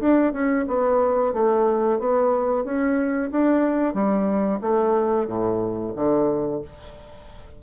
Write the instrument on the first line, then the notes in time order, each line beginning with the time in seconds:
bassoon
0.00 D4
0.33 C#4
0.67 B3
1.33 A3
1.99 B3
2.65 C#4
3.31 D4
3.94 G3
4.61 A3
5.27 A2
5.96 D3